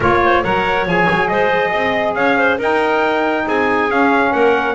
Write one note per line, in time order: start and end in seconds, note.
0.00 0.43 A#3
0.00 0.43 F4
0.00 0.20 A#4
0.00 0.43 C#5
0.24 0.43 C5
0.43 0.85 F#3
0.43 0.86 A#4
0.43 1.29 C#5
0.43 0.87 F#5
0.85 1.06 F3
0.85 2.59 G#4
0.85 1.28 G#5
1.10 1.30 F#3
1.28 1.73 G#3
1.28 1.70 C5
1.28 2.14 D#5
1.70 2.15 C4
1.70 2.13 D#5
2.14 2.58 C#4
2.14 2.37 C#5
2.14 2.58 F5
2.37 2.58 C5
2.58 3.44 D#4
2.58 3.89 D#4
2.58 3.44 A#4
2.58 3.48 G5
3.45 3.89 C4
3.45 4.31 G#4
3.45 3.90 G#5
3.90 4.33 C#4
3.90 4.74 C#4
3.90 4.32 F5
4.31 4.74 A#3
4.31 4.74 A#4
4.31 4.74 F#5